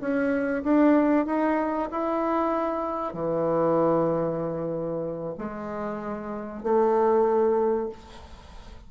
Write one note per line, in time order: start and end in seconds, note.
0.00 0.63 C#4
0.63 1.26 D4
1.26 1.89 D#4
1.91 3.13 E4
3.13 5.35 E3
5.38 6.63 G#3
6.63 7.89 A3